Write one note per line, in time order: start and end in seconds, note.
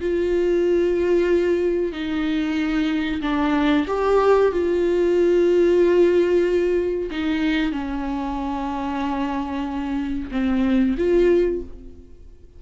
0.00 1.92 F4
1.92 3.21 D#4
3.21 3.86 D4
3.87 4.52 G4
4.52 7.10 F4
7.11 7.72 D#4
7.72 10.30 C#4
10.31 10.96 C4
10.97 11.62 F4